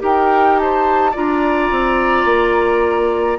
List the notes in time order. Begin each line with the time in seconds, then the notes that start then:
0.00 D#4 G4 A#4 G5
0.58 C5 A5
1.11 D4 F4 D5 A#5
1.71 C4
2.25 A#3